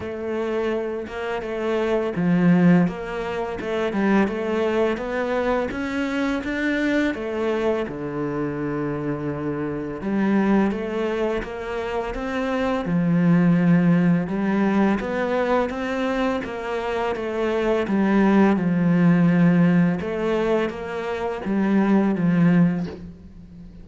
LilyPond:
\new Staff \with { instrumentName = "cello" } { \time 4/4 \tempo 4 = 84 a4. ais8 a4 f4 | ais4 a8 g8 a4 b4 | cis'4 d'4 a4 d4~ | d2 g4 a4 |
ais4 c'4 f2 | g4 b4 c'4 ais4 | a4 g4 f2 | a4 ais4 g4 f4 | }